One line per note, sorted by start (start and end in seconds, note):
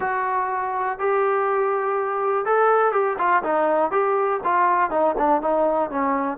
0.00 0.98 F#4
0.99 2.45 G4
2.45 2.92 A4
2.92 3.16 G4
3.18 3.42 F4
3.43 3.91 D#4
3.91 4.40 G4
4.44 4.90 F4
4.90 5.15 D#4
5.17 5.41 D4
5.41 5.90 D#4
5.90 6.37 C#4